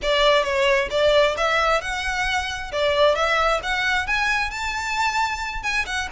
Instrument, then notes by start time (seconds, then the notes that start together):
violin
0.02 D5
0.43 C#5
0.90 D5
1.37 E5
1.81 F#5
2.71 D5
3.15 E5
3.62 F#5
4.07 G#5
4.50 A5
5.63 G#5
5.86 F#5